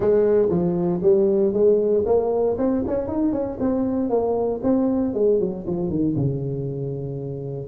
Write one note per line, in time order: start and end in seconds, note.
0.00 0.48 G#3
0.49 1.00 F3
1.02 1.53 G3
1.53 2.04 G#3
2.05 2.56 A#3
2.58 2.83 C4
2.87 3.07 C#4
3.07 3.32 D#4
3.32 3.58 C#4
3.59 4.09 C4
4.09 4.61 A#3
4.63 5.14 C4
5.14 5.39 G#3
5.40 5.65 F#3
5.67 5.89 F3
5.89 6.15 D#3
6.16 7.67 C#3